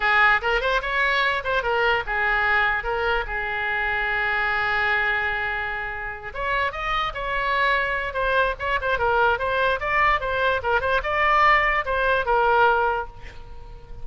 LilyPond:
\new Staff \with { instrumentName = "oboe" } { \time 4/4 \tempo 4 = 147 gis'4 ais'8 c''8 cis''4. c''8 | ais'4 gis'2 ais'4 | gis'1~ | gis'2.~ gis'8 cis''8~ |
cis''8 dis''4 cis''2~ cis''8 | c''4 cis''8 c''8 ais'4 c''4 | d''4 c''4 ais'8 c''8 d''4~ | d''4 c''4 ais'2 | }